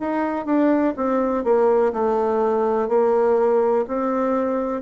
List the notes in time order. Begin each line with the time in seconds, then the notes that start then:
0.00 D#4
0.46 D4
0.96 C4
1.44 A#3
1.93 A3
2.89 A#3
3.88 C4